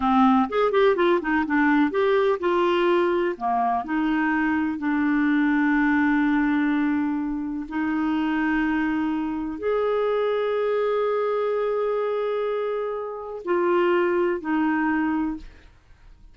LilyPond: \new Staff \with { instrumentName = "clarinet" } { \time 4/4 \tempo 4 = 125 c'4 gis'8 g'8 f'8 dis'8 d'4 | g'4 f'2 ais4 | dis'2 d'2~ | d'1 |
dis'1 | gis'1~ | gis'1 | f'2 dis'2 | }